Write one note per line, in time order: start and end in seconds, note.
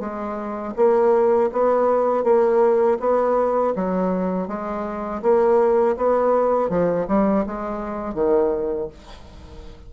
0.00 0.74 G#3
0.77 1.51 A#3
1.53 2.24 B3
2.24 2.98 A#3
3.00 3.74 B3
3.76 4.48 F#3
4.48 5.22 G#3
5.23 5.97 A#3
5.97 6.70 B3
6.70 7.07 F3
7.08 7.45 G3
7.47 8.15 G#3
8.15 8.89 D#3